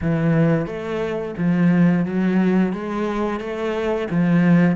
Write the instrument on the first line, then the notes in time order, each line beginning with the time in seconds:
cello
0.01 E3
0.66 A3
1.37 F3
2.05 F#3
2.72 G#3
3.39 A3
4.10 F3